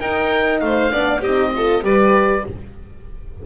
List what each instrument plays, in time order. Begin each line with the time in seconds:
0.00 double bass D#4, horn D#4, violin A#4, oboe G5
0.61 double bass A3, violin C5, oboe F5
0.92 double bass B3, horn D4, violin D5
1.21 double bass C4, horn D#4, violin G4, oboe D#5
1.56 horn F4, violin A4
1.83 double bass G3, horn G4, violin B4, oboe D5